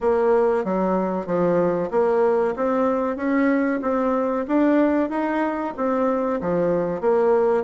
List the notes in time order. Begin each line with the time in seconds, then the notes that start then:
0.00 A#3
0.64 F#3
1.26 F3
1.91 A#3
2.55 C4
3.16 C#4
3.82 C4
4.47 D4
5.09 D#4
5.76 C4
6.41 F3
7.00 A#3